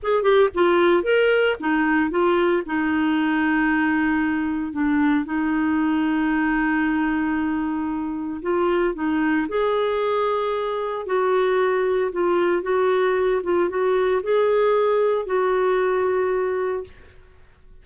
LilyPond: \new Staff \with { instrumentName = "clarinet" } { \time 4/4 \tempo 4 = 114 gis'8 g'8 f'4 ais'4 dis'4 | f'4 dis'2.~ | dis'4 d'4 dis'2~ | dis'1 |
f'4 dis'4 gis'2~ | gis'4 fis'2 f'4 | fis'4. f'8 fis'4 gis'4~ | gis'4 fis'2. | }